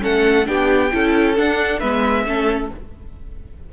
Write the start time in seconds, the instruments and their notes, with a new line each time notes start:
0.00 cello A3, viola C#4, violin A4 F#5
0.46 cello B3, viola D4, violin G4 G5
0.92 cello C#4, viola E4, violin A4
1.36 viola D4, cello D4, violin F#5
1.79 cello G#3, viola B3, violin B4 E5
2.26 cello A3, viola C#4, violin A4